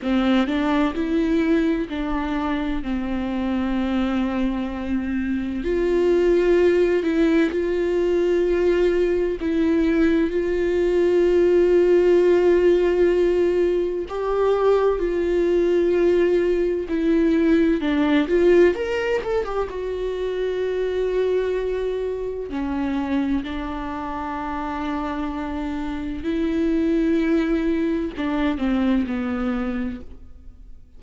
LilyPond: \new Staff \with { instrumentName = "viola" } { \time 4/4 \tempo 4 = 64 c'8 d'8 e'4 d'4 c'4~ | c'2 f'4. e'8 | f'2 e'4 f'4~ | f'2. g'4 |
f'2 e'4 d'8 f'8 | ais'8 a'16 g'16 fis'2. | cis'4 d'2. | e'2 d'8 c'8 b4 | }